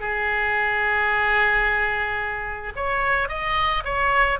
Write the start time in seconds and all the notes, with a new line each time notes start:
0.00 G#4
2.75 C#5
3.29 D#5
3.84 C#5